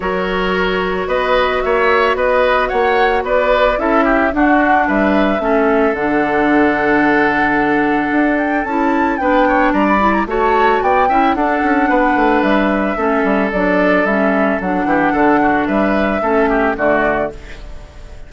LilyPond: <<
  \new Staff \with { instrumentName = "flute" } { \time 4/4 \tempo 4 = 111 cis''2 dis''4 e''4 | dis''4 fis''4 d''4 e''4 | fis''4 e''2 fis''4~ | fis''2.~ fis''8 g''8 |
a''4 g''4 ais''16 b''8 ais''16 a''4 | g''4 fis''2 e''4~ | e''4 d''4 e''4 fis''4~ | fis''4 e''2 d''4 | }
  \new Staff \with { instrumentName = "oboe" } { \time 4/4 ais'2 b'4 cis''4 | b'4 cis''4 b'4 a'8 g'8 | fis'4 b'4 a'2~ | a'1~ |
a'4 b'8 cis''8 d''4 cis''4 | d''8 e''8 a'4 b'2 | a'2.~ a'8 g'8 | a'8 fis'8 b'4 a'8 g'8 fis'4 | }
  \new Staff \with { instrumentName = "clarinet" } { \time 4/4 fis'1~ | fis'2. e'4 | d'2 cis'4 d'4~ | d'1 |
e'4 d'4. e'8 fis'4~ | fis'8 e'8 d'2. | cis'4 d'4 cis'4 d'4~ | d'2 cis'4 a4 | }
  \new Staff \with { instrumentName = "bassoon" } { \time 4/4 fis2 b4 ais4 | b4 ais4 b4 cis'4 | d'4 g4 a4 d4~ | d2. d'4 |
cis'4 b4 g4 a4 | b8 cis'8 d'8 cis'8 b8 a8 g4 | a8 g8 fis4 g4 fis8 e8 | d4 g4 a4 d4 | }
>>